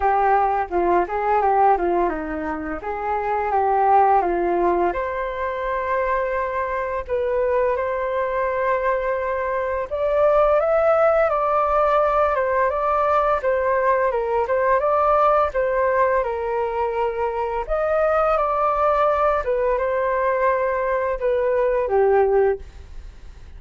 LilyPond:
\new Staff \with { instrumentName = "flute" } { \time 4/4 \tempo 4 = 85 g'4 f'8 gis'8 g'8 f'8 dis'4 | gis'4 g'4 f'4 c''4~ | c''2 b'4 c''4~ | c''2 d''4 e''4 |
d''4. c''8 d''4 c''4 | ais'8 c''8 d''4 c''4 ais'4~ | ais'4 dis''4 d''4. b'8 | c''2 b'4 g'4 | }